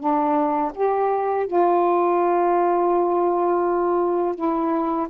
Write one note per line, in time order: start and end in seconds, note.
0.00 0.72 D4
0.75 1.47 G4
1.47 4.35 F4
4.35 5.08 E4